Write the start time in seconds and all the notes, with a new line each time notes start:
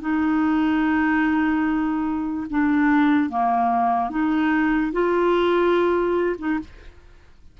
0.00 D#4
2.50 D4
3.29 A#3
4.09 D#4
4.92 F4
6.38 D#4